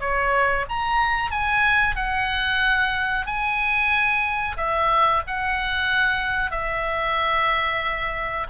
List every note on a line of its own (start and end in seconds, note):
0.00 0.65 C#5
0.69 1.31 A#5
1.31 1.96 G#5
1.96 3.26 F#5
3.26 4.56 G#5
4.57 5.22 E5
5.27 6.51 F#5
6.51 8.47 E5